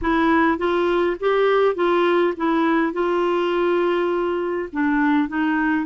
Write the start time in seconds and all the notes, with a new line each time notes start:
0.01 E4
0.58 F4
1.20 G4
1.75 F4
2.36 E4
2.93 F4
4.72 D4
5.28 D#4